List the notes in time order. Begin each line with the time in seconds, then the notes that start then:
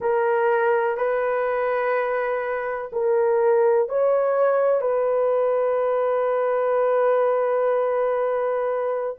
0.00 A#4
0.97 B4
2.92 A#4
3.88 C#5
4.81 B4